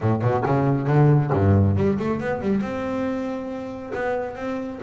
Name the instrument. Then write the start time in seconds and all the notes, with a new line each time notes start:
double bass
0.00 A2
0.21 B2
0.45 C#3
0.87 D3
1.32 G2
1.76 G3
1.98 A3
2.20 B3
2.41 G3
2.61 C4
3.94 B3
4.35 C4